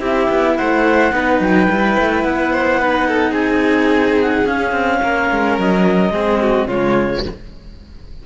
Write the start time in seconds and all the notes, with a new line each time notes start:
0.00 C4 E4 G4 E5
0.30 B3
0.57 A3 C5 F#5
1.13 B3 D#4 B4
1.40 F#3 G5
1.69 G3 E4
1.99 A3
2.24 B3 F#5
2.53 C5
2.80 D#4 B4
3.08 A4
3.31 C4 G#4 G#5
4.22 F#5
4.46 C#4 F5
4.72 C4
5.03 A#3 A#4
5.31 G#3
5.58 F#3 D#5
6.11 G#3 C4 G#4
6.41 F#4
6.67 C#3 G#3 F4 C#5